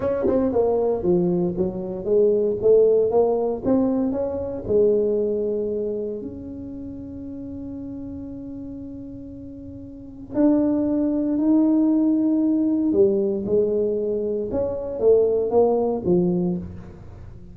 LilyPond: \new Staff \with { instrumentName = "tuba" } { \time 4/4 \tempo 4 = 116 cis'8 c'8 ais4 f4 fis4 | gis4 a4 ais4 c'4 | cis'4 gis2. | cis'1~ |
cis'1 | d'2 dis'2~ | dis'4 g4 gis2 | cis'4 a4 ais4 f4 | }